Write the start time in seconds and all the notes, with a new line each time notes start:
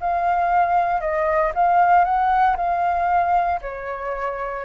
0.00 F5
1.01 D#5
1.55 F5
2.05 F#5
2.57 F5
3.61 C#5